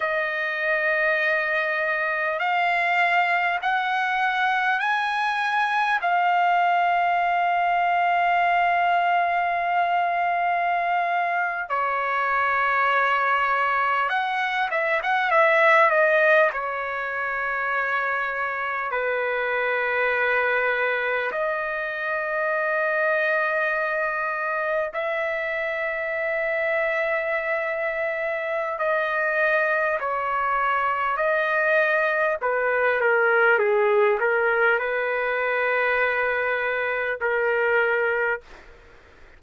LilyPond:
\new Staff \with { instrumentName = "trumpet" } { \time 4/4 \tempo 4 = 50 dis''2 f''4 fis''4 | gis''4 f''2.~ | f''4.~ f''16 cis''2 fis''16~ | fis''16 e''16 fis''16 e''8 dis''8 cis''2 b'16~ |
b'4.~ b'16 dis''2~ dis''16~ | dis''8. e''2.~ e''16 | dis''4 cis''4 dis''4 b'8 ais'8 | gis'8 ais'8 b'2 ais'4 | }